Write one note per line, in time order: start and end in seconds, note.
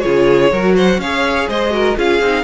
0.00 0.52 C#3
0.00 0.51 F4
0.00 0.52 G#4
0.00 0.73 C#5
0.52 0.98 F#3
0.52 1.02 F#4
0.52 0.76 A#4
0.76 1.00 C5
0.76 1.00 F#5
0.98 1.46 C#4
0.98 1.71 G#4
0.98 1.49 C#5
0.98 1.49 F5
1.48 1.97 G#3
1.48 1.73 C5
1.48 1.97 D#5
1.71 1.95 F#4
1.71 1.97 A#4
1.97 2.21 C#4
1.97 2.21 F4
1.97 2.43 G#4
1.97 2.43 F5
2.21 2.43 C4
2.21 2.43 D#4